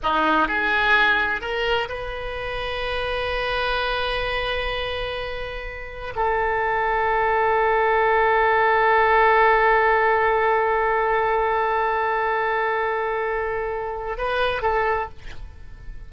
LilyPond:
\new Staff \with { instrumentName = "oboe" } { \time 4/4 \tempo 4 = 127 dis'4 gis'2 ais'4 | b'1~ | b'1~ | b'4 a'2.~ |
a'1~ | a'1~ | a'1~ | a'2 b'4 a'4 | }